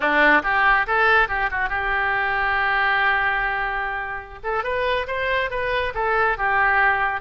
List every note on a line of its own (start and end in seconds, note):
0.00 0.42 D4
0.43 0.86 G4
0.87 1.28 A4
1.28 1.50 G4
1.50 1.69 F#4
1.69 4.39 G4
4.43 4.63 A4
4.63 5.06 B4
5.07 5.50 C5
5.50 5.93 B4
5.94 6.37 A4
6.37 7.20 G4